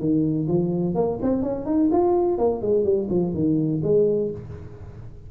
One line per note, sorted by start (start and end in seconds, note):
0.00 0.48 D#3
0.48 0.95 F3
0.95 1.19 A#3
1.22 1.43 C4
1.43 1.66 C#4
1.66 1.90 D#4
1.92 2.39 F4
2.39 2.62 A#3
2.62 2.85 G#3
2.85 3.08 G3
3.10 3.34 F3
3.34 3.82 D#3
3.83 4.31 G#3